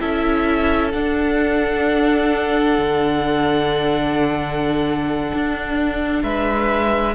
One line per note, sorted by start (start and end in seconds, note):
0.00 0.94 C#4
0.00 0.92 E4
0.00 6.22 A4
0.00 0.92 E5
0.92 7.15 D4
0.92 2.78 D4
0.92 6.22 F#5
2.78 5.32 D3
5.34 6.23 D4
6.22 7.15 G#3
6.22 7.15 B4
6.22 7.15 E5